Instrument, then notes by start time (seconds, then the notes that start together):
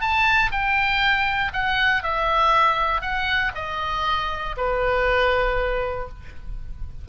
oboe
0.00 A5
0.51 G5
1.53 F#5
2.03 E5
3.01 F#5
3.55 D#5
4.57 B4